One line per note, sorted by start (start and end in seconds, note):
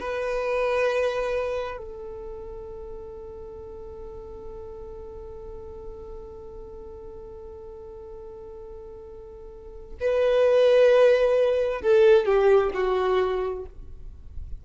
0.00 1.78 B4
1.78 9.96 A4
10.00 11.82 B4
11.82 12.26 A4
12.26 12.71 G4
12.74 13.65 F#4